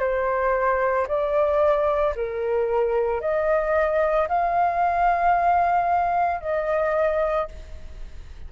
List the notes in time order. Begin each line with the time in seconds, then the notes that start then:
0.00 C5
1.08 D5
2.16 A#4
3.21 D#5
4.29 F5
6.41 D#5